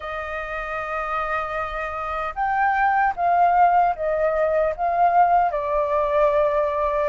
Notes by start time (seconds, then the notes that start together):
0.00 D#5
2.35 G5
3.16 F5
3.95 D#5
4.76 F5
5.51 D5